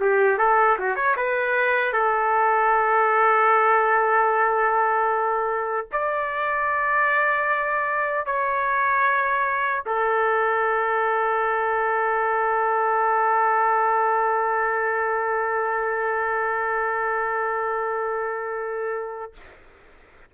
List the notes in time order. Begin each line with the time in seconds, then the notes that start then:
0.00 G4
0.38 A4
0.79 F#4
0.96 C#5
1.17 B4
1.93 A4
5.92 D5
8.26 C#5
9.86 A4